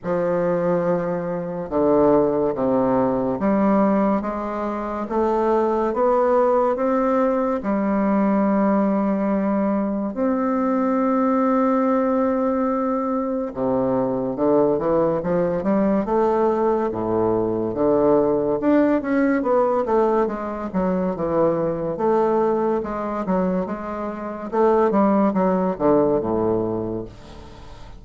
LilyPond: \new Staff \with { instrumentName = "bassoon" } { \time 4/4 \tempo 4 = 71 f2 d4 c4 | g4 gis4 a4 b4 | c'4 g2. | c'1 |
c4 d8 e8 f8 g8 a4 | a,4 d4 d'8 cis'8 b8 a8 | gis8 fis8 e4 a4 gis8 fis8 | gis4 a8 g8 fis8 d8 a,4 | }